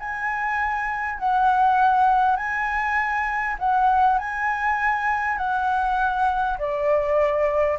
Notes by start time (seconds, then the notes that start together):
0.00 G#5
1.19 F#5
2.37 G#5
3.59 F#5
4.19 G#5
5.38 F#5
6.59 D5